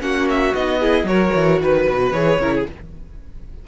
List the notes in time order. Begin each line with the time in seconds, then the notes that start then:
0.00 A#3 C#4 F#4 F#5
0.29 E5
0.54 B3 D#4 D#5
0.79 E4 G#4
1.03 F#3 F#4 A#4 C#5
1.34 E3
1.60 D#3 B4
1.88 B2
2.11 E3 G#4 C#5
2.38 C#3 E4 A#4
2.54 G#4